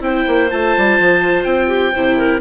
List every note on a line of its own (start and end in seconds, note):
0.00 0.24 C4
0.00 0.49 E4
0.00 0.51 G5
0.06 1.67 C5
0.27 0.51 A#3
0.50 0.76 A3
0.50 1.94 F4
0.50 1.44 A5
0.77 0.99 G3
0.99 1.44 F3
1.44 1.92 C4
1.44 2.40 G5
1.67 1.91 G4
1.92 2.40 C3
1.92 2.40 E4
1.92 2.16 C5
2.17 2.40 A#4